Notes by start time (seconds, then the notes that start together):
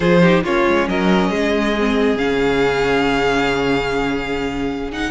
0.00 F3 F4 G#4 C5
0.22 D#4 G4
0.43 A#3 C#4 F4 C#5
0.67 G#3
0.87 F#3 A#4 D#5
1.30 G#3 G#4
1.78 C4
2.16 C#3 C#4 F5
4.92 D#4 F#5